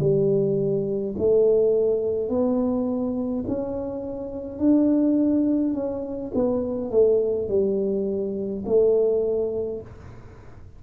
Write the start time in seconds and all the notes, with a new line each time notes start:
0.00 G3
1.18 A3
2.29 B3
3.48 C#4
4.59 D4
5.74 C#4
6.35 B3
6.91 A3
7.48 G3
8.66 A3